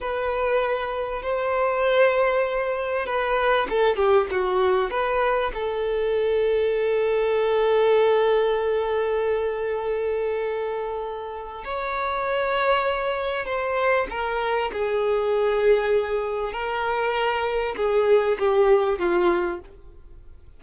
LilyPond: \new Staff \with { instrumentName = "violin" } { \time 4/4 \tempo 4 = 98 b'2 c''2~ | c''4 b'4 a'8 g'8 fis'4 | b'4 a'2.~ | a'1~ |
a'2. cis''4~ | cis''2 c''4 ais'4 | gis'2. ais'4~ | ais'4 gis'4 g'4 f'4 | }